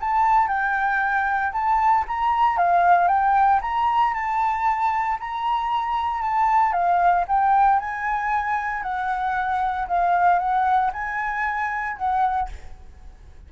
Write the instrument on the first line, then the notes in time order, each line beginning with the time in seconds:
flute
0.00 A5
0.47 G5
1.52 A5
2.07 A#5
2.57 F5
3.08 G5
3.61 A#5
4.13 A5
5.19 A#5
6.22 A5
6.72 F5
7.27 G5
7.79 G#5
8.82 F#5
9.87 F5
10.38 F#5
10.93 G#5
11.97 F#5